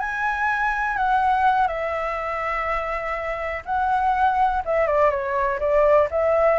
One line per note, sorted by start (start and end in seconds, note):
0.00 0.97 G#5
0.97 1.68 F#5
1.68 3.63 E5
3.66 4.63 F#5
4.66 4.87 E5
4.87 5.11 D5
5.11 5.59 C#5
5.60 6.09 D5
6.11 6.59 E5